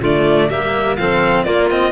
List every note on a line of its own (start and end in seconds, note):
0.00 0.49 D3
0.00 0.50 A3
0.00 0.48 F4
0.00 0.50 D5
0.48 0.97 G3
0.48 0.98 A#3
0.48 0.96 G4
0.48 0.96 E5
0.96 1.44 F3
0.96 1.47 C4
0.96 1.45 A4
0.96 1.43 F5
1.43 1.92 A#3
1.43 1.70 A#3
1.43 1.92 F4
1.43 1.67 D5
1.70 1.92 C4
1.70 1.92 D#5